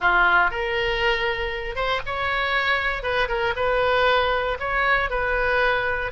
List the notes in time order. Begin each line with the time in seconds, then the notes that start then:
0.00 F4
0.50 A#4
1.75 C5
2.05 C#5
3.02 B4
3.28 A#4
3.56 B4
4.59 C#5
5.10 B4